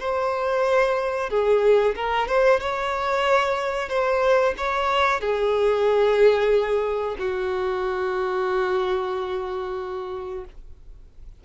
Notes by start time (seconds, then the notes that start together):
0.00 C5
1.30 G#4
1.95 A#4
2.28 C5
2.60 C#5
3.89 C5
4.57 C#5
5.21 G#4
7.18 F#4